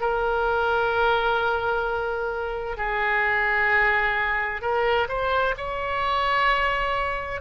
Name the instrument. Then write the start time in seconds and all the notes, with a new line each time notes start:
oboe
0.00 A#4
2.77 G#4
4.61 A#4
5.08 C5
5.57 C#5